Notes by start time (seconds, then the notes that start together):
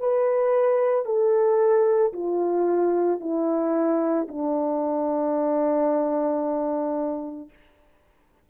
0.00 B4
1.06 A4
2.13 F4
3.20 E4
4.28 D4